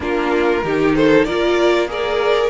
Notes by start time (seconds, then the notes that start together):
0.00 A#3 D4 F4 A#4
0.63 D#3 D#4 G4
0.95 A4 C5
1.24 A#3 F4 A#4 D5
1.87 G#4 A#4 D5